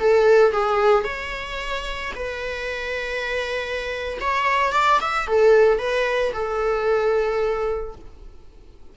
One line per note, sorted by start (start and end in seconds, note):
0.00 0.52 A4
0.52 1.04 G#4
1.04 2.13 C#5
2.16 4.18 B4
4.21 4.73 C#5
4.73 5.00 D5
5.01 5.28 E5
5.28 5.79 A4
5.79 6.33 B4
6.33 7.96 A4